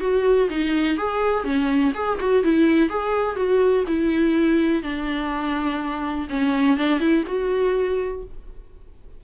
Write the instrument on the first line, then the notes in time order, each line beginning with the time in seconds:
viola
0.00 F#4
0.50 D#4
0.97 G#4
1.44 C#4
1.94 G#4
2.19 F#4
2.43 E4
2.89 G#4
3.36 F#4
3.87 E4
4.82 D4
6.29 C#4
6.77 D4
6.99 E4
7.26 F#4